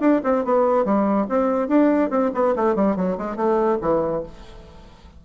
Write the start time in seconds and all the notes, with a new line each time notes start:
0.00 D4
0.23 C4
0.44 B3
0.84 G3
1.29 C4
1.68 D4
2.10 C4
2.34 B3
2.55 A3
2.75 G3
2.96 F#3
3.18 G#3
3.36 A3
3.81 E3